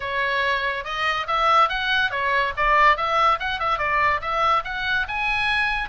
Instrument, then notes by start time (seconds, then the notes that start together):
oboe
0.00 C#5
0.84 D#5
1.27 E5
1.69 F#5
2.10 C#5
2.56 D5
2.96 E5
3.39 F#5
3.59 E5
3.78 D5
4.21 E5
4.64 F#5
5.08 G#5